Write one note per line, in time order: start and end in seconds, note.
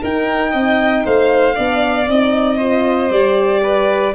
0.00 1.55 D#4
0.00 0.53 D#4
0.00 0.51 A#4
0.00 1.06 G5
0.51 1.05 C4
0.51 1.03 D#5
1.05 1.57 A3
1.05 1.55 C5
1.05 2.09 F5
1.55 2.08 B3
1.55 2.06 D4
1.55 2.57 D5
2.08 3.10 C4
2.08 2.59 D#4
2.08 3.11 D#5
2.57 3.11 F4
2.57 3.61 C5
3.10 4.13 G3
3.10 4.15 G4
3.10 4.15 D5
3.62 4.14 B4